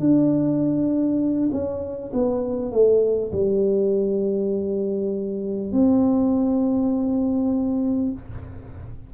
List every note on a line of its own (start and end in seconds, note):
0.00 1.50 D4
1.53 2.13 C#4
2.13 2.72 B3
2.72 3.32 A3
3.33 5.72 G3
5.72 8.12 C4